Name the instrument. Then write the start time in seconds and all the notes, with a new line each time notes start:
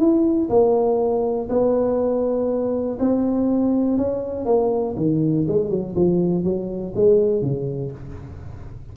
tuba
0.00 E4
0.50 A#3
1.50 B3
3.00 C4
3.98 C#4
4.46 A#3
4.97 D#3
5.48 G#3
5.70 F#3
5.96 F3
6.44 F#3
6.96 G#3
7.42 C#3